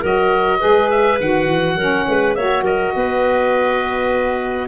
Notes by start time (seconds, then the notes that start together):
0.00 F#3 F#4 A#4 D#5
0.58 G#3 G#4 B4
0.90 E5
1.20 D#3 F#4 F#5
1.47 E3
1.75 F#3 C#4 A#4
2.08 G#3 B4
2.34 A#3 F#4 C#5 E5
2.62 F#3 A#4 D#5
2.95 B3 B4